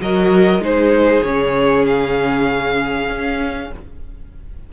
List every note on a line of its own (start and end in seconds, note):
0.00 0.59 F#3
0.00 0.61 F#4
0.00 0.63 A#4
0.00 0.63 D#5
0.59 1.21 G#3
0.59 1.23 D#4
0.59 3.72 G#4
0.59 1.23 C5
1.23 3.09 C#3
1.23 3.73 C#4
1.23 1.85 C#5
1.87 3.72 F5
3.09 3.71 C#4